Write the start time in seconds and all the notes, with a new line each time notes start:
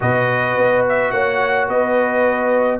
0.00 B2 F#4 B4 D#5
0.57 B3
0.88 E5
1.11 A#3 C#5 F#5
1.68 B3 B4 D#5